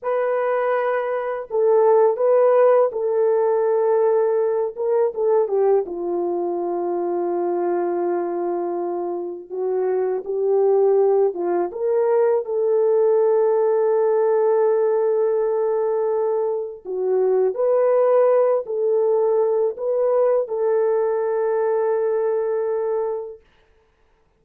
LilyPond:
\new Staff \with { instrumentName = "horn" } { \time 4/4 \tempo 4 = 82 b'2 a'4 b'4 | a'2~ a'8 ais'8 a'8 g'8 | f'1~ | f'4 fis'4 g'4. f'8 |
ais'4 a'2.~ | a'2. fis'4 | b'4. a'4. b'4 | a'1 | }